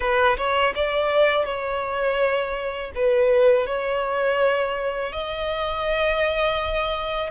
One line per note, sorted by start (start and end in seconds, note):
0.00 0.36 B4
0.37 0.73 C#5
0.75 1.45 D5
1.45 2.91 C#5
2.95 3.66 B4
3.66 5.12 C#5
5.12 7.30 D#5